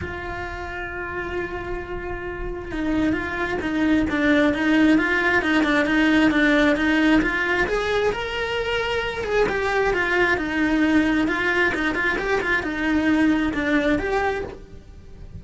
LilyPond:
\new Staff \with { instrumentName = "cello" } { \time 4/4 \tempo 4 = 133 f'1~ | f'2 dis'4 f'4 | dis'4 d'4 dis'4 f'4 | dis'8 d'8 dis'4 d'4 dis'4 |
f'4 gis'4 ais'2~ | ais'8 gis'8 g'4 f'4 dis'4~ | dis'4 f'4 dis'8 f'8 g'8 f'8 | dis'2 d'4 g'4 | }